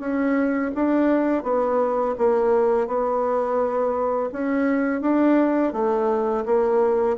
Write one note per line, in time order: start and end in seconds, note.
0.00 0.71 C#4
0.75 1.44 D4
1.44 2.15 B3
2.18 2.87 A#3
2.87 4.30 B3
4.32 5.02 C#4
5.02 5.73 D4
5.73 6.44 A3
6.46 7.17 A#3